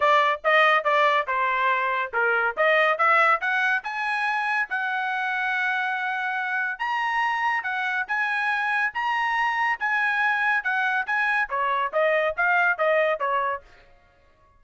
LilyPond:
\new Staff \with { instrumentName = "trumpet" } { \time 4/4 \tempo 4 = 141 d''4 dis''4 d''4 c''4~ | c''4 ais'4 dis''4 e''4 | fis''4 gis''2 fis''4~ | fis''1 |
ais''2 fis''4 gis''4~ | gis''4 ais''2 gis''4~ | gis''4 fis''4 gis''4 cis''4 | dis''4 f''4 dis''4 cis''4 | }